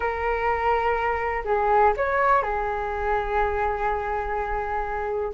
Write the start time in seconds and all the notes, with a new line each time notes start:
0.00 A#4
1.45 G#4
1.96 C#5
2.42 G#4